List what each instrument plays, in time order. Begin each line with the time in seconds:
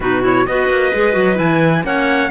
0.00 cello B2, clarinet D#4 F#4, trumpet B4
0.22 clarinet E4, trumpet C#5
0.46 cello B3, clarinet F#4 B4, trumpet D#5
0.69 cello A#3
0.92 cello G#3, clarinet G#4
1.12 cello F#3, clarinet F#4
1.35 cello E3, clarinet E4, trumpet G#5
1.83 cello A#3, clarinet C#4 C#5, trumpet F#5